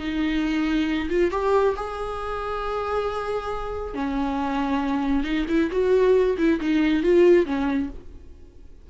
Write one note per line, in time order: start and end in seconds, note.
0.00 1.09 D#4
1.10 1.32 F4
1.32 1.75 G4
1.77 3.95 G#4
3.95 5.24 C#4
5.24 5.46 D#4
5.49 5.71 E4
5.72 6.37 F#4
6.38 6.60 E4
6.61 7.04 D#4
7.04 7.46 F4
7.46 7.90 C#4